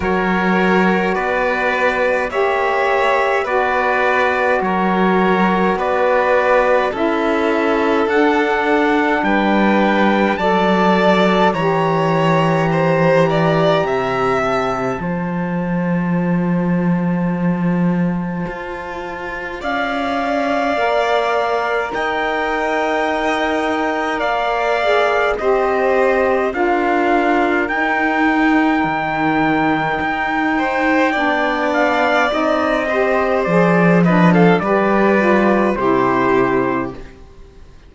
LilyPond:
<<
  \new Staff \with { instrumentName = "trumpet" } { \time 4/4 \tempo 4 = 52 cis''4 d''4 e''4 d''4 | cis''4 d''4 e''4 fis''4 | g''4 a''4 ais''2~ | ais''8 a''2.~ a''8~ |
a''4 f''2 g''4~ | g''4 f''4 dis''4 f''4 | g''2.~ g''8 f''8 | dis''4 d''8 dis''16 f''16 d''4 c''4 | }
  \new Staff \with { instrumentName = "violin" } { \time 4/4 ais'4 b'4 cis''4 b'4 | ais'4 b'4 a'2 | b'4 d''4 cis''4 c''8 d''8 | e''4 c''2.~ |
c''4 d''2 dis''4~ | dis''4 d''4 c''4 ais'4~ | ais'2~ ais'8 c''8 d''4~ | d''8 c''4 b'16 a'16 b'4 g'4 | }
  \new Staff \with { instrumentName = "saxophone" } { \time 4/4 fis'2 g'4 fis'4~ | fis'2 e'4 d'4~ | d'4 a'4 g'2~ | g'4 f'2.~ |
f'2 ais'2~ | ais'4. gis'8 g'4 f'4 | dis'2. d'4 | dis'8 g'8 gis'8 d'8 g'8 f'8 e'4 | }
  \new Staff \with { instrumentName = "cello" } { \time 4/4 fis4 b4 ais4 b4 | fis4 b4 cis'4 d'4 | g4 fis4 e2 | c4 f2. |
f'4 cis'4 ais4 dis'4~ | dis'4 ais4 c'4 d'4 | dis'4 dis4 dis'4 b4 | c'4 f4 g4 c4 | }
>>